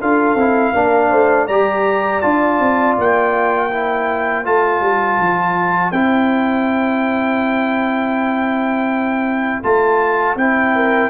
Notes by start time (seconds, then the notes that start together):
0.00 D4 F4 A4 F5
0.35 C4 E4
0.73 A#3 D4 A#4
1.10 A3 C5
1.46 G3 G4 D5 A#5
2.21 D4 F4 A5
2.60 C4
2.98 A#3 G5
3.69 E4 C5
4.45 A3 F4 A5
4.81 G3
5.19 F3
5.92 C4 E4 G5
9.63 A3 F4 A5
10.36 C4 E4 G5
10.75 A#4